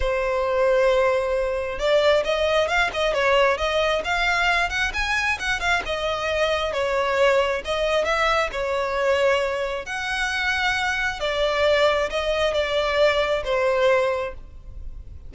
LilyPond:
\new Staff \with { instrumentName = "violin" } { \time 4/4 \tempo 4 = 134 c''1 | d''4 dis''4 f''8 dis''8 cis''4 | dis''4 f''4. fis''8 gis''4 | fis''8 f''8 dis''2 cis''4~ |
cis''4 dis''4 e''4 cis''4~ | cis''2 fis''2~ | fis''4 d''2 dis''4 | d''2 c''2 | }